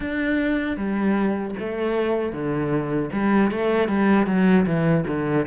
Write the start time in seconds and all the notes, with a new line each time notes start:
0.00 D4
0.77 G3
1.59 A3
2.32 D3
3.12 G3
3.51 A3
3.88 G3
4.26 F#3
4.65 E3
5.07 D3